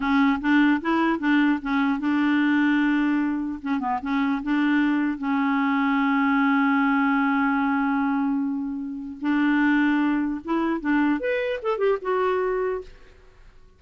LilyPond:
\new Staff \with { instrumentName = "clarinet" } { \time 4/4 \tempo 4 = 150 cis'4 d'4 e'4 d'4 | cis'4 d'2.~ | d'4 cis'8 b8 cis'4 d'4~ | d'4 cis'2.~ |
cis'1~ | cis'2. d'4~ | d'2 e'4 d'4 | b'4 a'8 g'8 fis'2 | }